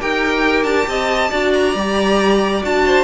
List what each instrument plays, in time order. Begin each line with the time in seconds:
0.00 cello D#4, viola G4, violin A#4 G5
0.64 cello D4, violin A5
0.88 cello C4, violin D#5
1.30 cello D4, viola F#4, violin D5
1.53 violin A#5
1.75 cello G3, viola G4
2.63 cello D4, viola F#4, violin A5
2.86 violin C5